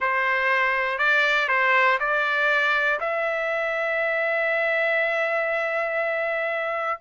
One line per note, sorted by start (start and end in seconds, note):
0.00 0.98 C5
0.98 1.48 D5
1.48 1.98 C5
1.99 2.99 D5
3.00 7.00 E5